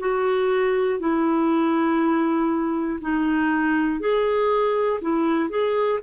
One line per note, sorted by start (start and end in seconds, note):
0.00 1.00 F#4
1.00 3.00 E4
3.01 4.01 D#4
4.01 5.01 G#4
5.02 5.50 E4
5.50 6.00 G#4